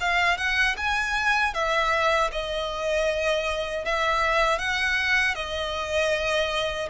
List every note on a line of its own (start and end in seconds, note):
0.00 0.37 F5
0.37 0.76 F#5
0.77 1.53 G#5
1.53 2.30 E5
2.31 3.85 D#5
3.85 4.58 E5
4.58 5.35 F#5
5.35 6.88 D#5